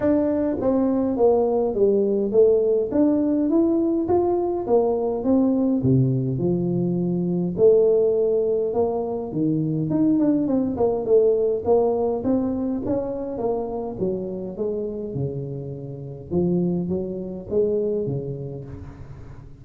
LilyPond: \new Staff \with { instrumentName = "tuba" } { \time 4/4 \tempo 4 = 103 d'4 c'4 ais4 g4 | a4 d'4 e'4 f'4 | ais4 c'4 c4 f4~ | f4 a2 ais4 |
dis4 dis'8 d'8 c'8 ais8 a4 | ais4 c'4 cis'4 ais4 | fis4 gis4 cis2 | f4 fis4 gis4 cis4 | }